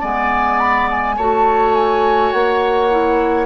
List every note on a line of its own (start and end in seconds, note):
0.00 1.18 G#3
0.00 1.16 B3
0.00 1.15 D5
0.00 0.59 G#5
0.59 0.88 B5
0.90 1.17 G#5
1.16 2.33 A3
1.16 2.91 F#4
1.16 3.46 C#5
1.16 1.74 A5
1.74 2.32 G#5
2.32 3.46 A#3
2.32 3.46 F#5
2.91 3.46 E4